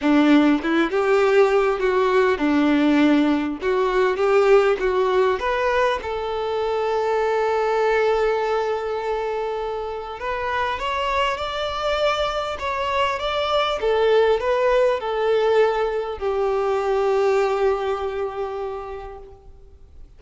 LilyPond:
\new Staff \with { instrumentName = "violin" } { \time 4/4 \tempo 4 = 100 d'4 e'8 g'4. fis'4 | d'2 fis'4 g'4 | fis'4 b'4 a'2~ | a'1~ |
a'4 b'4 cis''4 d''4~ | d''4 cis''4 d''4 a'4 | b'4 a'2 g'4~ | g'1 | }